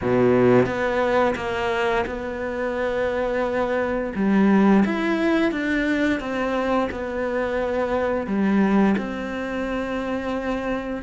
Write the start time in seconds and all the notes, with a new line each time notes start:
0.01 B2
0.66 B3
1.35 A#3
2.06 B3
4.15 G3
4.85 E4
5.51 D4
6.20 C4
6.91 B3
8.26 G3
8.97 C4